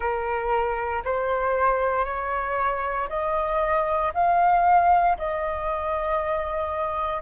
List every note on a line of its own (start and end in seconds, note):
0.00 1.03 A#4
1.04 2.05 C5
2.05 3.08 C#5
3.09 4.12 D#5
4.14 5.17 F5
5.18 7.22 D#5